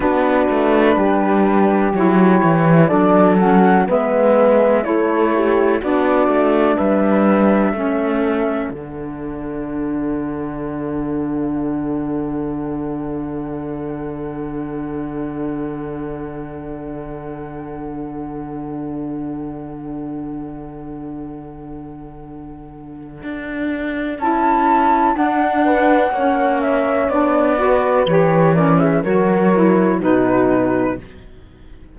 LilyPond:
<<
  \new Staff \with { instrumentName = "flute" } { \time 4/4 \tempo 4 = 62 b'2 cis''4 d''8 fis''8 | e''4 cis''4 d''4 e''4~ | e''4 fis''2.~ | fis''1~ |
fis''1~ | fis''1~ | fis''4 a''4 fis''4. e''8 | d''4 cis''8 d''16 e''16 cis''4 b'4 | }
  \new Staff \with { instrumentName = "horn" } { \time 4/4 fis'4 g'2 a'4 | b'4 a'8 g'8 fis'4 b'4 | a'1~ | a'1~ |
a'1~ | a'1~ | a'2~ a'8 b'8 cis''4~ | cis''8 b'4 ais'16 gis'16 ais'4 fis'4 | }
  \new Staff \with { instrumentName = "saxophone" } { \time 4/4 d'2 e'4 d'8 cis'8 | b4 e'4 d'2 | cis'4 d'2.~ | d'1~ |
d'1~ | d'1~ | d'4 e'4 d'4 cis'4 | d'8 fis'8 g'8 cis'8 fis'8 e'8 dis'4 | }
  \new Staff \with { instrumentName = "cello" } { \time 4/4 b8 a8 g4 fis8 e8 fis4 | gis4 a4 b8 a8 g4 | a4 d2.~ | d1~ |
d1~ | d1 | d'4 cis'4 d'4 ais4 | b4 e4 fis4 b,4 | }
>>